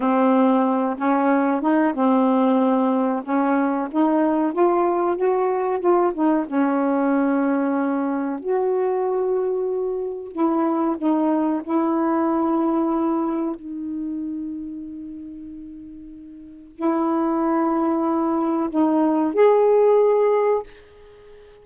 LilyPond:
\new Staff \with { instrumentName = "saxophone" } { \time 4/4 \tempo 4 = 93 c'4. cis'4 dis'8 c'4~ | c'4 cis'4 dis'4 f'4 | fis'4 f'8 dis'8 cis'2~ | cis'4 fis'2. |
e'4 dis'4 e'2~ | e'4 dis'2.~ | dis'2 e'2~ | e'4 dis'4 gis'2 | }